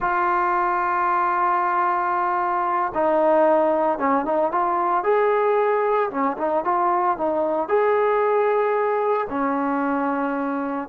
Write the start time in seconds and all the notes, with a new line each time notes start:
0.00 F4
2.94 D#4
3.98 C#4
4.25 D#4
4.51 F4
5.03 G#4
6.10 C#4
6.37 D#4
6.64 F4
7.17 D#4
7.68 G#4
9.29 C#4